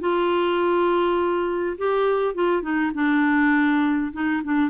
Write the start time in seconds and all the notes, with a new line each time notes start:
0.00 F4
1.78 G4
2.34 F4
2.62 D#4
2.94 D4
4.12 D#4
4.43 D4